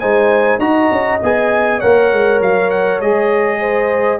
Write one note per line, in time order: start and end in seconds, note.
0.00 0.59 G#3
0.00 0.60 D#4
0.00 0.60 C5
0.00 0.60 G#5
0.59 0.89 D#4
0.59 1.20 F#4
0.59 1.79 D#5
0.59 1.20 A#5
0.91 1.21 C#4
1.23 1.83 B3
1.23 1.83 G#4
1.23 1.81 G#5
1.79 2.13 A#3
1.79 3.03 A#4
1.79 3.59 C#5
1.79 2.41 F#5
2.13 2.41 G#3
2.41 3.01 F#3
2.41 2.71 F5
2.71 3.01 F#5
3.01 4.20 G#3
3.01 4.20 G#4
3.01 4.20 D#5
3.60 4.20 C5